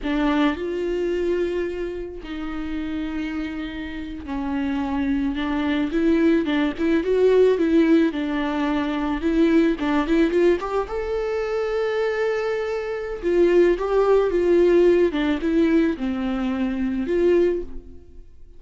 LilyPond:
\new Staff \with { instrumentName = "viola" } { \time 4/4 \tempo 4 = 109 d'4 f'2. | dis'2.~ dis'8. cis'16~ | cis'4.~ cis'16 d'4 e'4 d'16~ | d'16 e'8 fis'4 e'4 d'4~ d'16~ |
d'8. e'4 d'8 e'8 f'8 g'8 a'16~ | a'1 | f'4 g'4 f'4. d'8 | e'4 c'2 f'4 | }